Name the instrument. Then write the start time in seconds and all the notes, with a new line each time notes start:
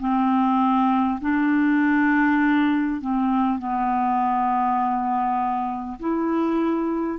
clarinet
0.00 C4
1.21 D4
3.01 C4
3.59 B3
6.00 E4